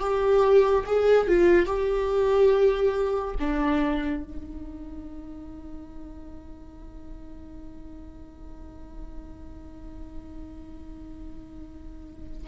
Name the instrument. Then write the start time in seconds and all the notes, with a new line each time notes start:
viola
0.00 G4
0.86 G#4
1.28 F4
1.66 G4
3.40 D4
4.24 D#4